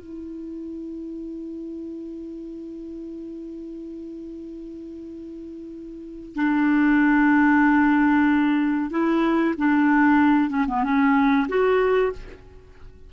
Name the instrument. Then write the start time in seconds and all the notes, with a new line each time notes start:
clarinet
0.00 E4
6.35 D4
8.90 E4
9.57 D4
10.49 C#4
10.67 B3
10.83 C#4
11.48 F#4